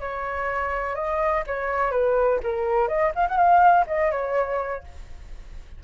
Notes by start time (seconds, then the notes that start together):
0.00 C#5
0.95 D#5
1.47 C#5
1.91 B4
2.43 A#4
2.88 D#5
3.15 F5
3.28 F#5
3.37 F5
3.87 D#5
4.11 C#5